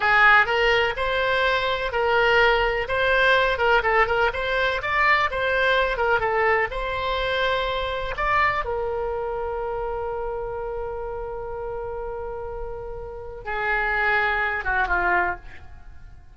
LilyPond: \new Staff \with { instrumentName = "oboe" } { \time 4/4 \tempo 4 = 125 gis'4 ais'4 c''2 | ais'2 c''4. ais'8 | a'8 ais'8 c''4 d''4 c''4~ | c''8 ais'8 a'4 c''2~ |
c''4 d''4 ais'2~ | ais'1~ | ais'1 | gis'2~ gis'8 fis'8 f'4 | }